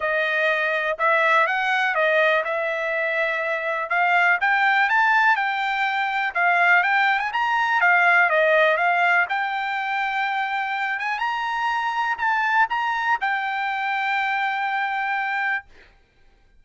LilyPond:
\new Staff \with { instrumentName = "trumpet" } { \time 4/4 \tempo 4 = 123 dis''2 e''4 fis''4 | dis''4 e''2. | f''4 g''4 a''4 g''4~ | g''4 f''4 g''8. gis''16 ais''4 |
f''4 dis''4 f''4 g''4~ | g''2~ g''8 gis''8 ais''4~ | ais''4 a''4 ais''4 g''4~ | g''1 | }